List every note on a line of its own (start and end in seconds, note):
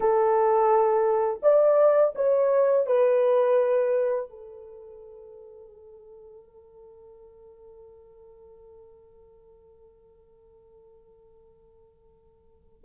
0.00 1.40 A4
1.42 2.14 D5
2.15 2.86 C#5
2.86 4.29 B4
4.29 12.84 A4